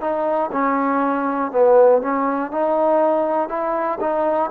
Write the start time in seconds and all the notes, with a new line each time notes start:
0.00 D#4
0.51 C#4
1.51 B3
2.01 C#4
2.50 D#4
3.48 E4
4.00 D#4